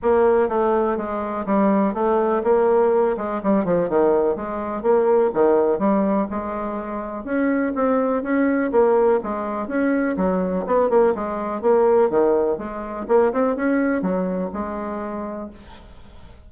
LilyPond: \new Staff \with { instrumentName = "bassoon" } { \time 4/4 \tempo 4 = 124 ais4 a4 gis4 g4 | a4 ais4. gis8 g8 f8 | dis4 gis4 ais4 dis4 | g4 gis2 cis'4 |
c'4 cis'4 ais4 gis4 | cis'4 fis4 b8 ais8 gis4 | ais4 dis4 gis4 ais8 c'8 | cis'4 fis4 gis2 | }